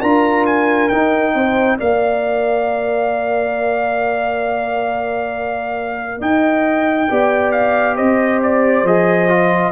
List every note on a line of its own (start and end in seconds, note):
0.00 0.91 D4
0.00 0.91 F4
0.00 1.32 A#4
0.00 0.45 A#5
0.46 0.88 G#5
0.88 1.79 D#4
0.88 1.34 D#4
0.88 1.77 G5
1.34 1.78 C4
1.34 1.78 C5
1.78 6.21 A#3
1.78 7.09 A#4
1.78 6.19 D5
1.78 6.21 F5
6.19 7.09 D#4
6.19 7.07 D#5
6.19 7.51 G5
7.09 7.99 B3
7.09 8.85 G4
7.09 7.96 D5
7.51 7.96 F5
7.96 8.83 C4
7.96 9.72 C5
7.96 8.40 D#5
8.43 8.87 D5
8.83 9.72 F3
8.83 9.29 G#4
8.83 9.72 D#5
9.29 9.72 F4